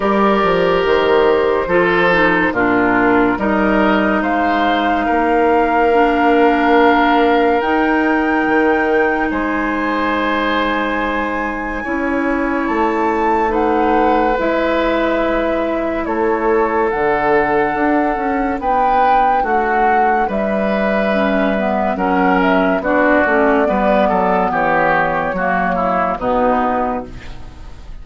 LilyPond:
<<
  \new Staff \with { instrumentName = "flute" } { \time 4/4 \tempo 4 = 71 d''4 c''2 ais'4 | dis''4 f''2.~ | f''4 g''2 gis''4~ | gis''2. a''4 |
fis''4 e''2 cis''4 | fis''2 g''4 fis''4 | e''2 fis''8 e''8 d''4~ | d''4 cis''2 b'4 | }
  \new Staff \with { instrumentName = "oboe" } { \time 4/4 ais'2 a'4 f'4 | ais'4 c''4 ais'2~ | ais'2. c''4~ | c''2 cis''2 |
b'2. a'4~ | a'2 b'4 fis'4 | b'2 ais'4 fis'4 | b'8 a'8 g'4 fis'8 e'8 dis'4 | }
  \new Staff \with { instrumentName = "clarinet" } { \time 4/4 g'2 f'8 dis'8 d'4 | dis'2. d'4~ | d'4 dis'2.~ | dis'2 e'2 |
dis'4 e'2. | d'1~ | d'4 cis'8 b8 cis'4 d'8 cis'8 | b2 ais4 b4 | }
  \new Staff \with { instrumentName = "bassoon" } { \time 4/4 g8 f8 dis4 f4 ais,4 | g4 gis4 ais2~ | ais4 dis'4 dis4 gis4~ | gis2 cis'4 a4~ |
a4 gis2 a4 | d4 d'8 cis'8 b4 a4 | g2 fis4 b8 a8 | g8 fis8 e4 fis4 b,4 | }
>>